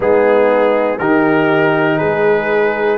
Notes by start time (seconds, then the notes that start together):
0.00 G#3 B3 D#4 G#4
0.98 D#3 D#4 G4 A#4
1.97 G#3 G#4 B4